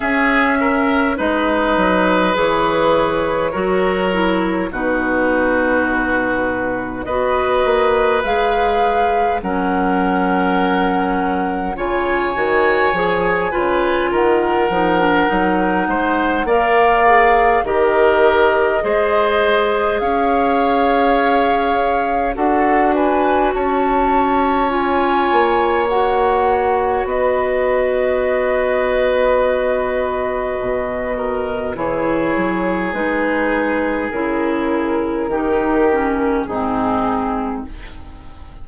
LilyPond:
<<
  \new Staff \with { instrumentName = "flute" } { \time 4/4 \tempo 4 = 51 e''4 dis''4 cis''2 | b'2 dis''4 f''4 | fis''2 gis''2 | fis''2 f''4 dis''4~ |
dis''4 f''2 fis''8 gis''8 | a''4 gis''4 fis''4 dis''4~ | dis''2. cis''4 | b'4 ais'2 gis'4 | }
  \new Staff \with { instrumentName = "oboe" } { \time 4/4 gis'8 ais'8 b'2 ais'4 | fis'2 b'2 | ais'2 cis''4. b'8 | ais'4. c''8 d''4 ais'4 |
c''4 cis''2 a'8 b'8 | cis''2. b'4~ | b'2~ b'8 ais'8 gis'4~ | gis'2 g'4 dis'4 | }
  \new Staff \with { instrumentName = "clarinet" } { \time 4/4 cis'4 dis'4 gis'4 fis'8 e'8 | dis'2 fis'4 gis'4 | cis'2 f'8 fis'8 gis'8 f'8~ | f'8 dis'16 d'16 dis'4 ais'8 gis'8 g'4 |
gis'2. fis'4~ | fis'4 f'4 fis'2~ | fis'2. e'4 | dis'4 e'4 dis'8 cis'8 c'4 | }
  \new Staff \with { instrumentName = "bassoon" } { \time 4/4 cis'4 gis8 fis8 e4 fis4 | b,2 b8 ais8 gis4 | fis2 cis8 dis8 f8 cis8 | dis8 f8 fis8 gis8 ais4 dis4 |
gis4 cis'2 d'4 | cis'4. ais4. b4~ | b2 b,4 e8 fis8 | gis4 cis4 dis4 gis,4 | }
>>